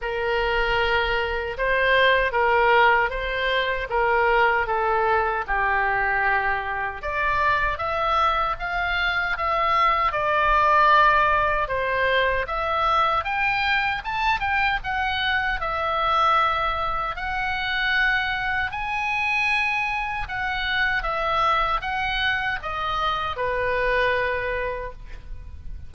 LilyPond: \new Staff \with { instrumentName = "oboe" } { \time 4/4 \tempo 4 = 77 ais'2 c''4 ais'4 | c''4 ais'4 a'4 g'4~ | g'4 d''4 e''4 f''4 | e''4 d''2 c''4 |
e''4 g''4 a''8 g''8 fis''4 | e''2 fis''2 | gis''2 fis''4 e''4 | fis''4 dis''4 b'2 | }